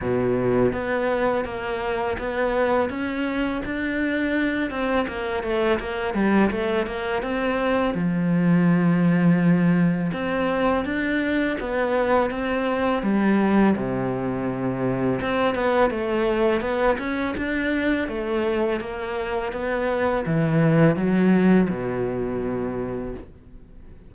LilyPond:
\new Staff \with { instrumentName = "cello" } { \time 4/4 \tempo 4 = 83 b,4 b4 ais4 b4 | cis'4 d'4. c'8 ais8 a8 | ais8 g8 a8 ais8 c'4 f4~ | f2 c'4 d'4 |
b4 c'4 g4 c4~ | c4 c'8 b8 a4 b8 cis'8 | d'4 a4 ais4 b4 | e4 fis4 b,2 | }